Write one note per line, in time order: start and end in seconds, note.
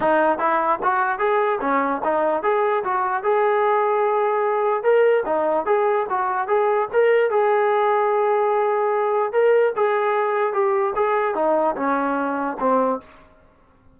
0.00 0.38 D#4
0.38 0.79 E4
0.82 1.18 F#4
1.18 1.59 G#4
1.61 2.01 C#4
2.04 2.43 D#4
2.43 2.83 G#4
2.84 3.23 F#4
3.23 4.83 G#4
4.83 5.23 A#4
5.25 5.65 D#4
5.65 6.06 G#4
6.09 6.47 F#4
6.47 6.88 G#4
6.92 7.30 A#4
7.30 9.32 G#4
9.32 9.73 A#4
9.76 10.53 G#4
10.53 10.93 G4
10.95 11.35 G#4
11.35 11.75 D#4
11.76 12.57 C#4
12.59 13.00 C4